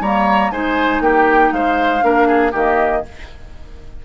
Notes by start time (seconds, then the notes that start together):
0.00 G3 A#3 C#5 A#5
0.51 G#3 D#4 C5 G#5
1.00 A#3 G4 G5
1.52 G#3 C5 F5
2.01 A#3 D4 A#4
2.27 G#4
2.51 D#3 A#3 G4 D#5